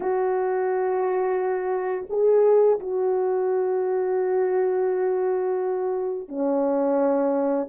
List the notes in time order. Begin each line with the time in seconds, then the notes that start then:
0.00 F#4
2.09 G#4
2.79 F#4
6.28 C#4